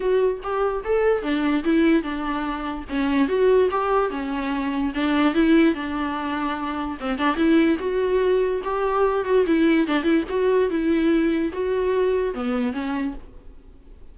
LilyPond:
\new Staff \with { instrumentName = "viola" } { \time 4/4 \tempo 4 = 146 fis'4 g'4 a'4 d'4 | e'4 d'2 cis'4 | fis'4 g'4 cis'2 | d'4 e'4 d'2~ |
d'4 c'8 d'8 e'4 fis'4~ | fis'4 g'4. fis'8 e'4 | d'8 e'8 fis'4 e'2 | fis'2 b4 cis'4 | }